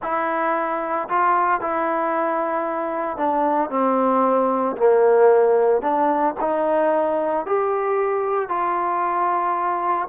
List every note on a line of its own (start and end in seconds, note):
0.02 1.08 E4
1.08 1.60 F4
1.60 3.17 E4
3.17 3.70 D4
3.70 4.76 C4
4.76 5.81 A#3
5.81 6.34 D4
6.40 7.46 D#4
7.46 8.48 G4
8.48 10.08 F4